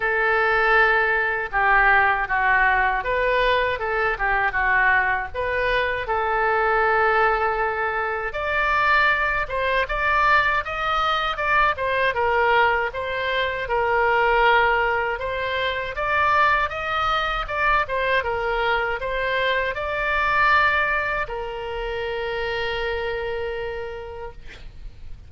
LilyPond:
\new Staff \with { instrumentName = "oboe" } { \time 4/4 \tempo 4 = 79 a'2 g'4 fis'4 | b'4 a'8 g'8 fis'4 b'4 | a'2. d''4~ | d''8 c''8 d''4 dis''4 d''8 c''8 |
ais'4 c''4 ais'2 | c''4 d''4 dis''4 d''8 c''8 | ais'4 c''4 d''2 | ais'1 | }